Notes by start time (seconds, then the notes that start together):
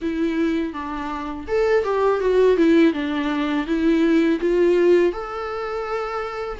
0.01 E4
0.73 D4
1.47 A4
1.84 G4
2.20 F#4
2.56 E4
2.93 D4
3.66 E4
4.40 F4
5.12 A4